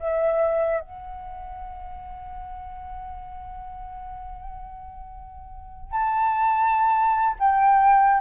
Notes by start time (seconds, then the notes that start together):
0.00 E5
0.81 F#5
5.92 A5
7.39 G5